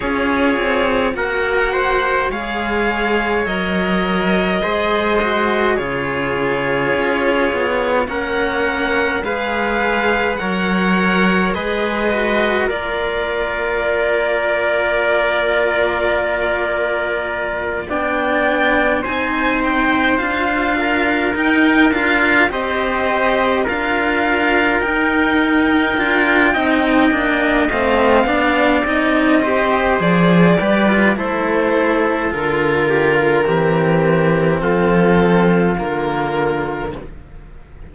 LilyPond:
<<
  \new Staff \with { instrumentName = "violin" } { \time 4/4 \tempo 4 = 52 cis''4 fis''4 f''4 dis''4~ | dis''4 cis''2 fis''4 | f''4 fis''4 dis''4 d''4~ | d''2.~ d''8 g''8~ |
g''8 gis''8 g''8 f''4 g''8 f''8 dis''8~ | dis''8 f''4 g''2~ g''8 | f''4 dis''4 d''4 c''4 | ais'2 a'4 ais'4 | }
  \new Staff \with { instrumentName = "trumpet" } { \time 4/4 gis'4 ais'8 c''8 cis''2 | c''4 gis'2 ais'4 | b'4 cis''4 b'4 ais'4~ | ais'2.~ ais'8 d''8~ |
d''8 c''4. ais'4. c''8~ | c''8 ais'2~ ais'8 dis''4~ | dis''8 d''4 c''4 b'8 a'4~ | a'8 g'16 f'16 g'4 f'2 | }
  \new Staff \with { instrumentName = "cello" } { \time 4/4 f'4 fis'4 gis'4 ais'4 | gis'8 fis'8 f'2 cis'4 | gis'4 ais'4 gis'8 fis'8 f'4~ | f'2.~ f'8 d'8~ |
d'8 dis'4 f'4 dis'8 f'8 g'8~ | g'8 f'4 dis'4 f'8 dis'8 d'8 | c'8 d'8 dis'8 g'8 gis'8 g'16 f'16 e'4 | f'4 c'2 ais4 | }
  \new Staff \with { instrumentName = "cello" } { \time 4/4 cis'8 c'8 ais4 gis4 fis4 | gis4 cis4 cis'8 b8 ais4 | gis4 fis4 gis4 ais4~ | ais2.~ ais8 b8~ |
b8 c'4 d'4 dis'8 d'8 c'8~ | c'8 d'4 dis'4 d'8 c'8 ais8 | a8 b8 c'4 f8 g8 a4 | d4 e4 f4 d4 | }
>>